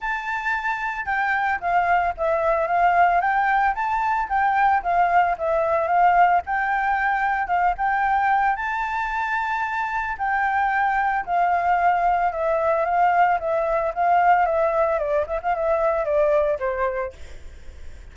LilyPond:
\new Staff \with { instrumentName = "flute" } { \time 4/4 \tempo 4 = 112 a''2 g''4 f''4 | e''4 f''4 g''4 a''4 | g''4 f''4 e''4 f''4 | g''2 f''8 g''4. |
a''2. g''4~ | g''4 f''2 e''4 | f''4 e''4 f''4 e''4 | d''8 e''16 f''16 e''4 d''4 c''4 | }